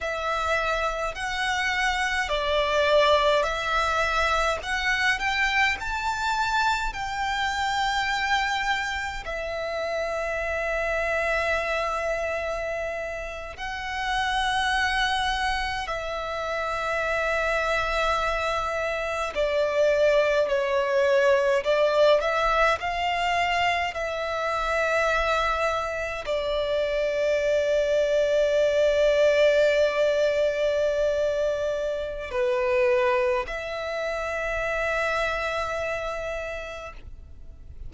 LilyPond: \new Staff \with { instrumentName = "violin" } { \time 4/4 \tempo 4 = 52 e''4 fis''4 d''4 e''4 | fis''8 g''8 a''4 g''2 | e''2.~ e''8. fis''16~ | fis''4.~ fis''16 e''2~ e''16~ |
e''8. d''4 cis''4 d''8 e''8 f''16~ | f''8. e''2 d''4~ d''16~ | d''1 | b'4 e''2. | }